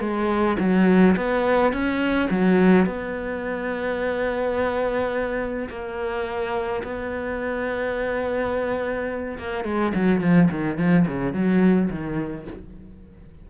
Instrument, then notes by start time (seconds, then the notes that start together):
cello
0.00 G#3
0.59 F#3
1.17 B3
1.72 C#4
2.30 F#3
2.86 B3
5.69 A#3
6.83 B3
9.38 A#3
9.64 G#3
9.94 F#3
10.21 F3
10.51 D#3
10.78 F3
11.08 C#3
11.33 F#3
11.90 D#3